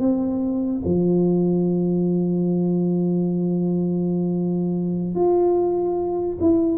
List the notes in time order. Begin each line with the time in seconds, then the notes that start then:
0.00 C4
0.85 F3
5.15 F4
6.41 E4